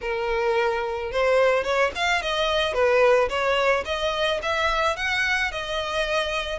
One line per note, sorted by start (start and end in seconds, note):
0.01 1.11 A#4
1.11 1.63 C5
1.63 1.91 C#5
1.95 2.22 F5
2.22 2.73 D#5
2.73 3.28 B4
3.29 3.84 C#5
3.85 4.40 D#5
4.42 4.96 E5
4.96 5.51 F#5
5.51 6.58 D#5